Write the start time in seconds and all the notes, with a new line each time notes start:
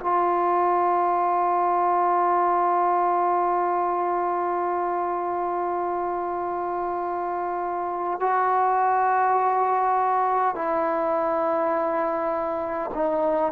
0.00 F4
8.20 F#4
10.55 E4
12.94 D#4